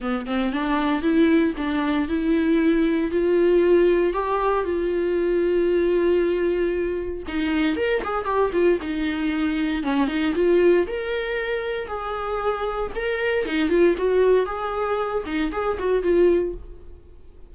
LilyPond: \new Staff \with { instrumentName = "viola" } { \time 4/4 \tempo 4 = 116 b8 c'8 d'4 e'4 d'4 | e'2 f'2 | g'4 f'2.~ | f'2 dis'4 ais'8 gis'8 |
g'8 f'8 dis'2 cis'8 dis'8 | f'4 ais'2 gis'4~ | gis'4 ais'4 dis'8 f'8 fis'4 | gis'4. dis'8 gis'8 fis'8 f'4 | }